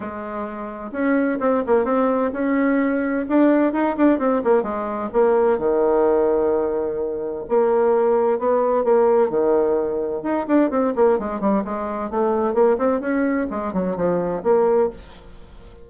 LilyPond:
\new Staff \with { instrumentName = "bassoon" } { \time 4/4 \tempo 4 = 129 gis2 cis'4 c'8 ais8 | c'4 cis'2 d'4 | dis'8 d'8 c'8 ais8 gis4 ais4 | dis1 |
ais2 b4 ais4 | dis2 dis'8 d'8 c'8 ais8 | gis8 g8 gis4 a4 ais8 c'8 | cis'4 gis8 fis8 f4 ais4 | }